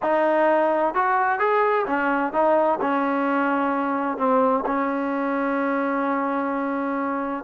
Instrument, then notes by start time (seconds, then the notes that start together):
trombone
0.02 D#4
0.94 F#4
1.39 G#4
1.86 C#4
2.32 D#4
2.80 C#4
4.17 C4
4.66 C#4